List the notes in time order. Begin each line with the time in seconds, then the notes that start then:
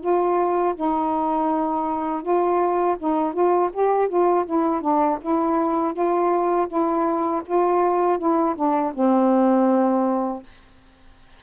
0.00 F4
0.75 D#4
2.22 F4
2.98 D#4
3.33 F4
3.72 G4
4.08 F4
4.45 E4
4.81 D4
5.21 E4
5.93 F4
6.68 E4
7.45 F4
8.18 E4
8.55 D4
8.94 C4